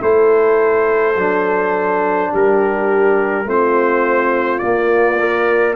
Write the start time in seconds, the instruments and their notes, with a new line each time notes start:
0.00 tuba A3, trombone E4, horn A4, trumpet C5
1.16 tuba F#3, trombone D4
2.32 tuba G3, horn G4, trumpet A#4
3.46 tuba A3, trombone C4, horn F4, trumpet C5
4.59 trombone A#3, tuba A#3, trumpet D5
5.20 trombone A#4